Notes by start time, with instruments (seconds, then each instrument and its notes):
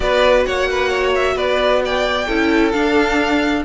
0.00 cello B3, viola F#4, violin B4 D5
0.45 cello A#3, violin C#5 F#5
0.69 violin B4
0.89 violin C#5
1.14 violin E5
1.35 cello B3, violin B4 D5
1.84 violin D5 G5
2.27 cello C#4, viola E4, violin A4
2.71 viola D4, cello D4, violin F5